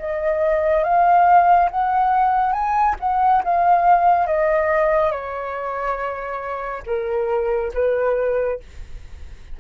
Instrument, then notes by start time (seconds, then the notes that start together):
flute
0.00 D#5
0.84 F5
1.71 F#5
2.53 G#5
3.00 F#5
3.44 F5
4.27 D#5
5.12 C#5
6.86 A#4
7.75 B4